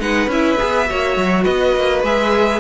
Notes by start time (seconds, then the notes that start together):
0.00 G#3 D#4 B4 F#5
0.27 C#4 E4 E5
0.58 B3 G#4
0.89 A#3 F#4 C#5
1.16 F#3
1.44 B3 B4 D#5
1.76 A#3
2.03 G#3 G#4 E5